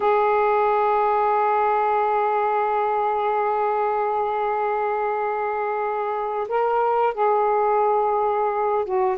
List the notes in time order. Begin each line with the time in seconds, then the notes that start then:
0.00 G#4
6.48 A#4
7.14 G#4
8.85 F#4